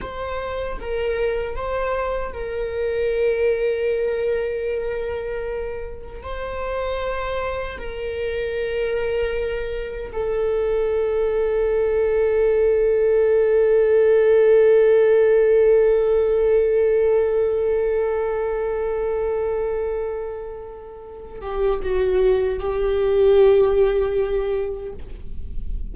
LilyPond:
\new Staff \with { instrumentName = "viola" } { \time 4/4 \tempo 4 = 77 c''4 ais'4 c''4 ais'4~ | ais'1 | c''2 ais'2~ | ais'4 a'2.~ |
a'1~ | a'1~ | a'2.~ a'8 g'8 | fis'4 g'2. | }